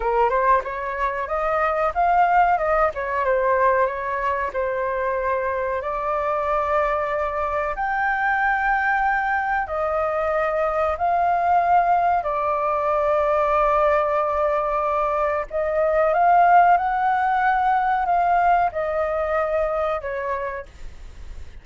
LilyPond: \new Staff \with { instrumentName = "flute" } { \time 4/4 \tempo 4 = 93 ais'8 c''8 cis''4 dis''4 f''4 | dis''8 cis''8 c''4 cis''4 c''4~ | c''4 d''2. | g''2. dis''4~ |
dis''4 f''2 d''4~ | d''1 | dis''4 f''4 fis''2 | f''4 dis''2 cis''4 | }